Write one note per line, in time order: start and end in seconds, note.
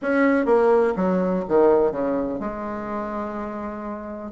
0.02 0.45 C#4
0.45 0.93 A#3
0.96 1.44 F#3
1.48 1.91 D#3
1.91 2.39 C#3
2.39 4.31 G#3